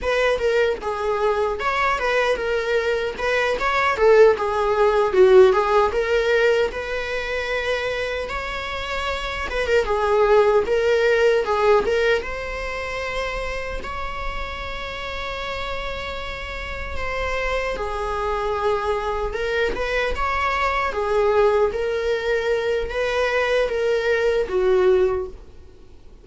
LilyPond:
\new Staff \with { instrumentName = "viola" } { \time 4/4 \tempo 4 = 76 b'8 ais'8 gis'4 cis''8 b'8 ais'4 | b'8 cis''8 a'8 gis'4 fis'8 gis'8 ais'8~ | ais'8 b'2 cis''4. | b'16 ais'16 gis'4 ais'4 gis'8 ais'8 c''8~ |
c''4. cis''2~ cis''8~ | cis''4. c''4 gis'4.~ | gis'8 ais'8 b'8 cis''4 gis'4 ais'8~ | ais'4 b'4 ais'4 fis'4 | }